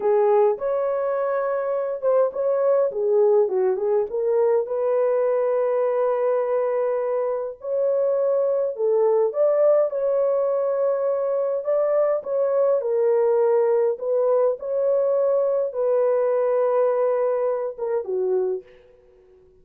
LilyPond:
\new Staff \with { instrumentName = "horn" } { \time 4/4 \tempo 4 = 103 gis'4 cis''2~ cis''8 c''8 | cis''4 gis'4 fis'8 gis'8 ais'4 | b'1~ | b'4 cis''2 a'4 |
d''4 cis''2. | d''4 cis''4 ais'2 | b'4 cis''2 b'4~ | b'2~ b'8 ais'8 fis'4 | }